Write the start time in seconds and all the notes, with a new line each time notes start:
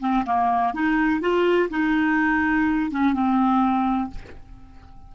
0.00 C4
0.25 A#3
0.73 D#4
1.21 F4
1.70 D#4
2.91 C#4
3.13 C4